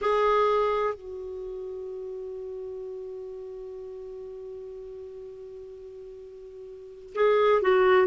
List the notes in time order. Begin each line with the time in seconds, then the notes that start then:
0.01 G#4
0.94 F#4
7.14 G#4
7.62 F#4